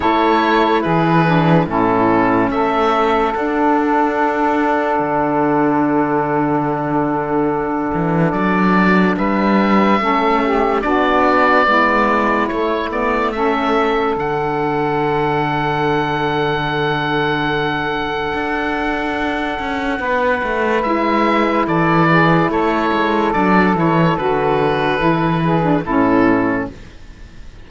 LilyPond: <<
  \new Staff \with { instrumentName = "oboe" } { \time 4/4 \tempo 4 = 72 cis''4 b'4 a'4 e''4 | fis''1~ | fis''2 d''4 e''4~ | e''4 d''2 cis''8 d''8 |
e''4 fis''2.~ | fis''1~ | fis''4 e''4 d''4 cis''4 | d''8 cis''8 b'2 a'4 | }
  \new Staff \with { instrumentName = "saxophone" } { \time 4/4 a'4 gis'4 e'4 a'4~ | a'1~ | a'2. b'4 | a'8 g'8 fis'4 e'2 |
a'1~ | a'1 | b'2 a'8 gis'8 a'4~ | a'2~ a'8 gis'8 e'4 | }
  \new Staff \with { instrumentName = "saxophone" } { \time 4/4 e'4. d'8 cis'2 | d'1~ | d'1 | cis'4 d'4 b4 a8 b8 |
cis'4 d'2.~ | d'1~ | d'4 e'2. | d'8 e'8 fis'4 e'8. d'16 cis'4 | }
  \new Staff \with { instrumentName = "cello" } { \time 4/4 a4 e4 a,4 a4 | d'2 d2~ | d4. e8 fis4 g4 | a4 b4 gis4 a4~ |
a4 d2.~ | d2 d'4. cis'8 | b8 a8 gis4 e4 a8 gis8 | fis8 e8 d4 e4 a,4 | }
>>